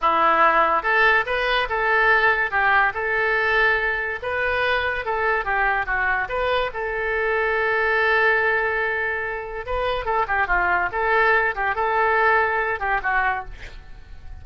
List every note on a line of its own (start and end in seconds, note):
0.01 0.82 E4
0.82 1.24 A4
1.25 1.67 B4
1.69 2.50 A4
2.50 2.92 G4
2.94 4.19 A4
4.22 5.05 B4
5.05 5.44 A4
5.44 5.86 G4
5.86 6.28 F#4
6.29 6.71 B4
6.73 9.65 A4
9.65 10.05 B4
10.05 10.26 A4
10.27 10.47 G4
10.47 10.89 F4
10.91 11.54 A4
11.55 11.75 G4
11.75 12.79 A4
12.79 13.00 G4
13.02 13.44 F#4